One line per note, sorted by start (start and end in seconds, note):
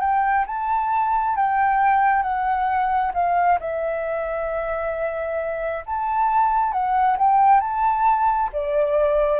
0.00 0.45 G5
0.46 1.36 A5
1.36 2.22 G5
2.22 3.12 F#5
3.13 3.58 F5
3.60 5.84 E5
5.86 6.72 A5
6.72 7.16 F#5
7.18 7.60 G5
7.60 8.50 A5
8.52 9.39 D5